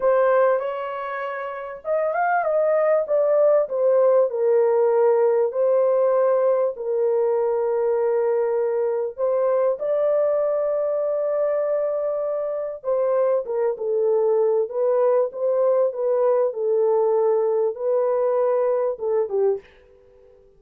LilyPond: \new Staff \with { instrumentName = "horn" } { \time 4/4 \tempo 4 = 98 c''4 cis''2 dis''8 f''8 | dis''4 d''4 c''4 ais'4~ | ais'4 c''2 ais'4~ | ais'2. c''4 |
d''1~ | d''4 c''4 ais'8 a'4. | b'4 c''4 b'4 a'4~ | a'4 b'2 a'8 g'8 | }